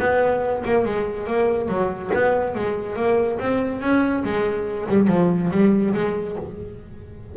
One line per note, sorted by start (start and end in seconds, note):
0.00 0.64 B3
0.65 0.85 A#3
0.85 1.27 G#3
1.27 1.68 A#3
1.68 2.11 F#3
2.14 2.56 B3
2.56 2.96 G#3
2.96 3.39 A#3
3.40 3.81 C4
3.81 4.24 C#4
4.24 4.88 G#3
4.89 5.08 G3
5.08 5.50 F3
5.51 5.94 G3
5.94 6.37 G#3